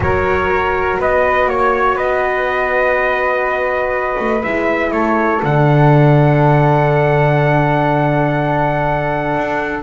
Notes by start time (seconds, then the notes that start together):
0.00 F#3 F#4 A#4 C#5
0.99 B3 B4 D#5
1.45 A#3 C#5
1.95 B3 B4 D#5
4.19 A3
4.42 G#3 E4 E5
4.91 A3 A4 C#5
5.40 D3 D4 F#5
9.36 D4